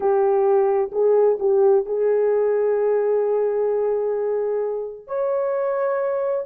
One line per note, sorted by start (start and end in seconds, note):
0.00 0.90 G4
0.92 1.38 G#4
1.39 1.85 G4
1.85 5.07 G#4
5.07 6.45 C#5